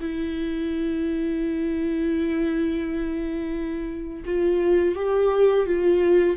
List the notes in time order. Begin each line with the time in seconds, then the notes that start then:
0.00 E4
4.25 F4
4.95 G4
5.66 F4